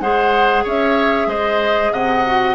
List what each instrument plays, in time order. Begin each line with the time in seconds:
0.00 bassoon G#3, clarinet G#4, oboe C5, flute F#5
0.64 bassoon C#4, oboe C#5, flute E5
1.27 bassoon G#3, oboe C5, flute D#5
1.91 bassoon C3, oboe D#5, flute F#5
2.26 clarinet F#4